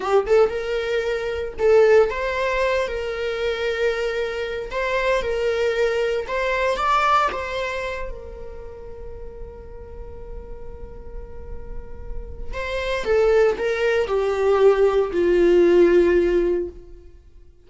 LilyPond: \new Staff \with { instrumentName = "viola" } { \time 4/4 \tempo 4 = 115 g'8 a'8 ais'2 a'4 | c''4. ais'2~ ais'8~ | ais'4 c''4 ais'2 | c''4 d''4 c''4. ais'8~ |
ais'1~ | ais'1 | c''4 a'4 ais'4 g'4~ | g'4 f'2. | }